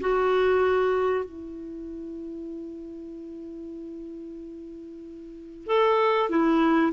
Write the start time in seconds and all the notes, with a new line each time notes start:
0.00 F#4
1.25 E4
5.66 A4
6.29 E4